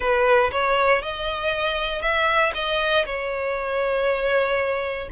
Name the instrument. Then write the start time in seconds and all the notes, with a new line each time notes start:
violin
0.00 B4
0.51 C#5
1.02 D#5
2.01 E5
2.54 D#5
3.05 C#5